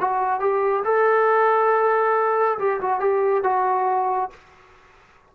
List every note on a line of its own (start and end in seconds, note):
0.00 0.40 F#4
0.40 0.83 G4
0.84 2.58 A4
2.58 2.80 G4
2.81 3.00 F#4
3.00 3.43 G4
3.43 4.30 F#4